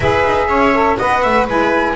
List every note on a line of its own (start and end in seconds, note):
0.00 0.24 E4
0.00 0.73 G#4
0.00 0.47 B4
0.00 0.97 E5
0.25 0.48 D#4
0.47 0.97 C#4
0.47 0.97 C#5
0.73 0.98 A4
0.97 1.25 B3
0.97 1.48 B4
0.97 1.22 D#5
0.97 1.46 F#5
1.22 1.47 A3
1.22 1.44 E5
1.44 1.95 G#3
1.44 1.95 E4
1.44 1.94 B4
1.44 1.95 G#5